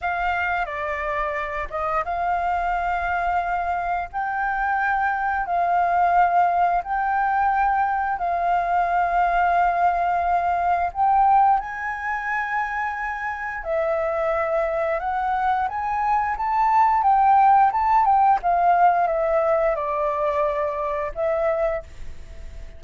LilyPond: \new Staff \with { instrumentName = "flute" } { \time 4/4 \tempo 4 = 88 f''4 d''4. dis''8 f''4~ | f''2 g''2 | f''2 g''2 | f''1 |
g''4 gis''2. | e''2 fis''4 gis''4 | a''4 g''4 a''8 g''8 f''4 | e''4 d''2 e''4 | }